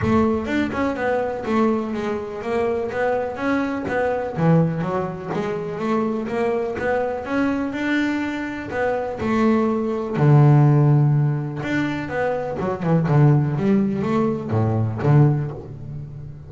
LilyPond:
\new Staff \with { instrumentName = "double bass" } { \time 4/4 \tempo 4 = 124 a4 d'8 cis'8 b4 a4 | gis4 ais4 b4 cis'4 | b4 e4 fis4 gis4 | a4 ais4 b4 cis'4 |
d'2 b4 a4~ | a4 d2. | d'4 b4 fis8 e8 d4 | g4 a4 a,4 d4 | }